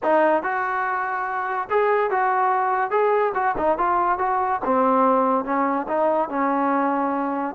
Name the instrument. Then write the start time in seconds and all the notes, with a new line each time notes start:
trombone
0.03 D#4
0.43 F#4
1.70 G#4
2.10 F#4
2.90 G#4
3.34 F#4
3.57 D#4
3.78 F4
4.18 F#4
4.64 C4
5.45 C#4
5.87 D#4
6.29 C#4